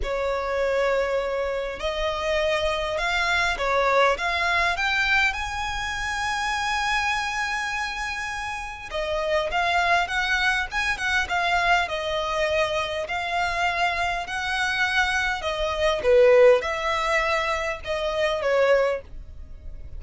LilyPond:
\new Staff \with { instrumentName = "violin" } { \time 4/4 \tempo 4 = 101 cis''2. dis''4~ | dis''4 f''4 cis''4 f''4 | g''4 gis''2.~ | gis''2. dis''4 |
f''4 fis''4 gis''8 fis''8 f''4 | dis''2 f''2 | fis''2 dis''4 b'4 | e''2 dis''4 cis''4 | }